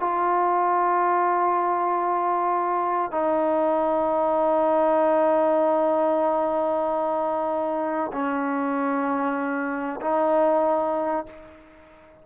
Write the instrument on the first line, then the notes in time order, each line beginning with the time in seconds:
trombone
0.00 F4
3.12 D#4
8.13 C#4
10.01 D#4